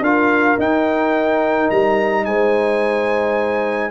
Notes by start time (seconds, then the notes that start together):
0.00 D4 F4 A#4 F5
0.58 D#4 G5
1.70 G3 A#5
2.24 G#3 C5 G#5